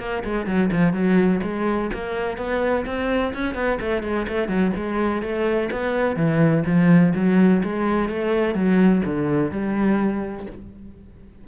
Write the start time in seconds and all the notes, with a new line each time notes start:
0.00 A#3
0.24 G#3
0.47 F#3
0.72 F3
0.93 F#3
1.44 G#3
1.94 A#3
2.38 B3
2.86 C4
3.34 C#4
3.55 B3
3.81 A3
4.03 G#3
4.29 A3
4.48 F#3
4.77 G#3
5.23 A3
5.72 B3
6.17 E3
6.66 F3
7.15 F#3
7.64 G#3
8.10 A3
8.55 F#3
9.05 D3
9.52 G3